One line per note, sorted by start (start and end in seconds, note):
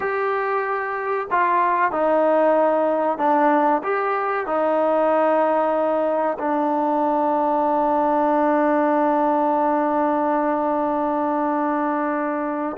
0.00 1.27 G4
1.30 1.91 F4
1.91 3.18 D#4
3.18 3.82 D4
3.83 4.46 G4
4.46 6.37 D#4
6.38 12.77 D4